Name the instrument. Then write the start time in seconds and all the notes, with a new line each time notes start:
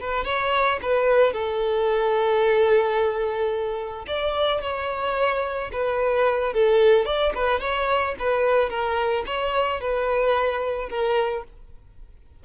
violin
0.00 B4
0.25 C#5
0.82 B4
1.33 A4
4.07 D5
4.61 C#5
5.72 B4
6.53 A4
7.05 D5
7.34 B4
7.60 C#5
8.19 B4
8.70 A#4
9.26 C#5
9.81 B4
10.89 A#4